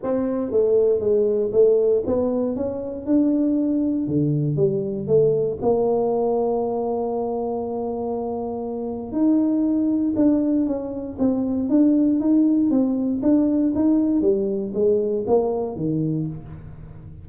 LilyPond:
\new Staff \with { instrumentName = "tuba" } { \time 4/4 \tempo 4 = 118 c'4 a4 gis4 a4 | b4 cis'4 d'2 | d4 g4 a4 ais4~ | ais1~ |
ais2 dis'2 | d'4 cis'4 c'4 d'4 | dis'4 c'4 d'4 dis'4 | g4 gis4 ais4 dis4 | }